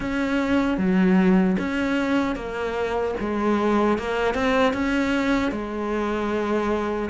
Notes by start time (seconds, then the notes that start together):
0.00 C#4
0.77 F#3
1.58 C#4
2.35 A#3
3.20 G#3
3.98 A#3
4.34 C4
4.73 C#4
5.51 G#3